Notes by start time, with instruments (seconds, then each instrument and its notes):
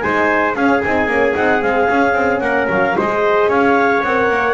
0.00 double bass G#3, horn D#4, trumpet C5, clarinet G#5
0.55 horn C#4, double bass C#4, trumpet G#4, clarinet F5
0.83 double bass C4, horn D#4, clarinet G#5
1.07 double bass A#3, horn C#4
1.35 double bass C4, horn D#4, clarinet F#5
1.62 double bass G#3, horn C4, clarinet F5
1.90 double bass C#4, horn C#4
2.13 double bass C4
2.40 double bass A#3, trumpet A#4, clarinet F#5
2.70 double bass F#3, clarinet F5
2.97 double bass G#3, horn G#4, trumpet C5, clarinet D#5
3.48 double bass C#4, trumpet C#5, clarinet F5
4.03 double bass C4, horn A#4, clarinet F#5
4.30 double bass A#3